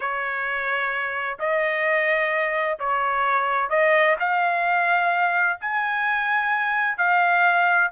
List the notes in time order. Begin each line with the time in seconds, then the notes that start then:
0.00 C#5
1.39 D#5
2.79 C#5
3.69 D#5
4.19 F5
5.60 G#5
6.97 F5